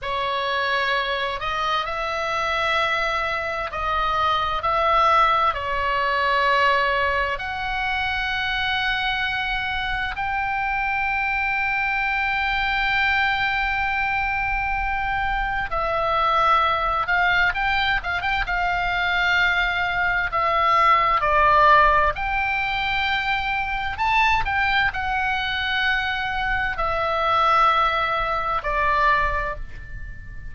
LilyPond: \new Staff \with { instrumentName = "oboe" } { \time 4/4 \tempo 4 = 65 cis''4. dis''8 e''2 | dis''4 e''4 cis''2 | fis''2. g''4~ | g''1~ |
g''4 e''4. f''8 g''8 f''16 g''16 | f''2 e''4 d''4 | g''2 a''8 g''8 fis''4~ | fis''4 e''2 d''4 | }